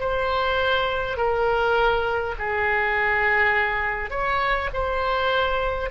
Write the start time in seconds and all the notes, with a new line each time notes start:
0.00 C5
1.18 A#4
2.39 G#4
4.11 C#5
4.74 C5